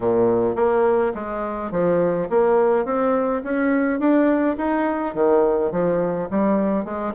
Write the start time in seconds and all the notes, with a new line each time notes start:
0.00 A#2
0.55 A#3
1.14 G#3
1.71 F3
2.29 A#3
2.85 C4
3.43 C#4
3.99 D4
4.57 D#4
5.14 D#3
5.71 F3
6.30 G3
6.84 G#3